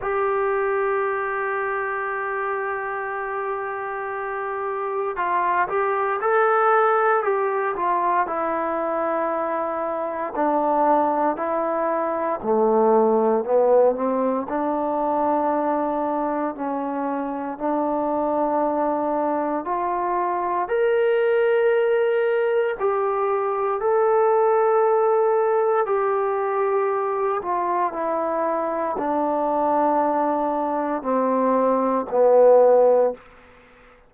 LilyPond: \new Staff \with { instrumentName = "trombone" } { \time 4/4 \tempo 4 = 58 g'1~ | g'4 f'8 g'8 a'4 g'8 f'8 | e'2 d'4 e'4 | a4 b8 c'8 d'2 |
cis'4 d'2 f'4 | ais'2 g'4 a'4~ | a'4 g'4. f'8 e'4 | d'2 c'4 b4 | }